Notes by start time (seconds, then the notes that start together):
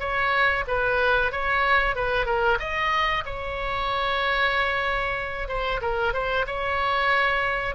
0.00 C#5
0.68 B4
1.32 C#5
1.96 B4
2.26 A#4
2.60 D#5
3.26 C#5
5.49 C5
5.82 A#4
6.14 C5
6.47 C#5